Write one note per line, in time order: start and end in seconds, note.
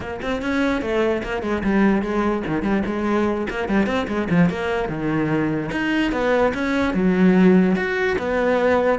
0.00 0.20 A#3
0.22 0.42 C4
0.42 0.81 C#4
0.81 1.22 A3
1.23 1.42 A#3
1.42 1.63 G#3
1.63 2.01 G3
2.01 2.42 G#3
2.46 2.62 D#3
2.62 2.83 G3
2.86 3.47 G#3
3.50 3.68 A#3
3.68 3.86 G3
3.86 4.06 C4
4.07 4.28 G#3
4.30 4.49 F3
4.49 4.88 A#3
4.88 5.70 D#3
5.71 6.12 D#4
6.12 6.52 B3
6.54 6.94 C#4
6.94 7.75 F#3
7.76 8.16 F#4
8.18 8.99 B3